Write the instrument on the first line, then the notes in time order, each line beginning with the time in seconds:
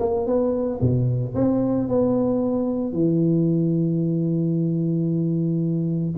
tuba
0.00 A#3
0.27 B3
0.81 B2
1.35 C4
1.89 B3
2.93 E3